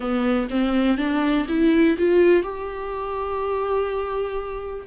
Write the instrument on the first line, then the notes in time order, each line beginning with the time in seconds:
viola
0.00 B3
0.49 C4
0.97 D4
1.48 E4
1.98 F4
2.43 G4